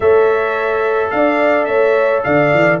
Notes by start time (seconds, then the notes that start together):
0.00 A3 A4 C#5 E5
1.10 D4 D5 F5
1.64 A3 C#5 E5
2.23 D3 D5 F5
2.53 E3